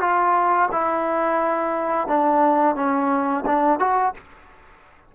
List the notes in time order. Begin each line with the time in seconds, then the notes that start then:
0.00 F4
0.71 E4
2.08 D4
2.75 C#4
3.45 D4
3.79 F#4